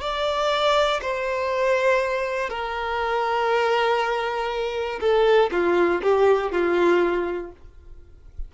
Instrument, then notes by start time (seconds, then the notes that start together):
violin
0.00 D5
1.01 C5
2.49 A#4
5.00 A4
5.51 F4
6.02 G4
6.51 F4